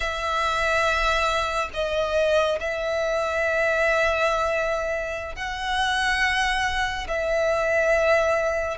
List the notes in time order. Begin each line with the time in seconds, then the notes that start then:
0.00 E5
1.73 D#5
2.59 E5
5.35 F#5
7.08 E5